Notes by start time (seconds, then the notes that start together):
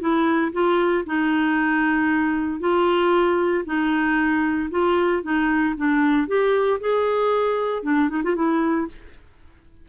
0.00 E4
0.53 F4
1.06 D#4
2.60 F4
3.65 D#4
4.71 F4
5.23 D#4
5.77 D4
6.28 G4
6.81 G#4
7.83 D4
8.10 D#4
8.24 F4
8.35 E4